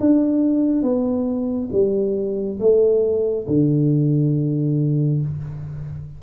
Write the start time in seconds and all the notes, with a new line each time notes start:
0.00 D4
0.83 B3
1.72 G3
2.60 A3
3.48 D3